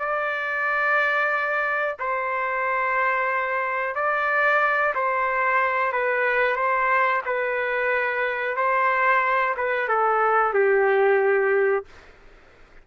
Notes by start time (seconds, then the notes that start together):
0.00 D5
2.00 C5
3.96 D5
4.95 C5
5.93 B4
6.57 C5
7.26 B4
8.57 C5
9.57 B4
9.89 A4
10.54 G4